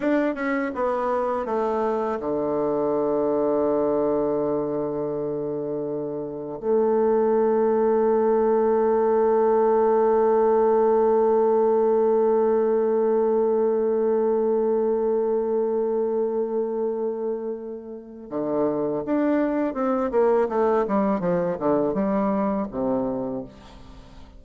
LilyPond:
\new Staff \with { instrumentName = "bassoon" } { \time 4/4 \tempo 4 = 82 d'8 cis'8 b4 a4 d4~ | d1~ | d4 a2.~ | a1~ |
a1~ | a1~ | a4 d4 d'4 c'8 ais8 | a8 g8 f8 d8 g4 c4 | }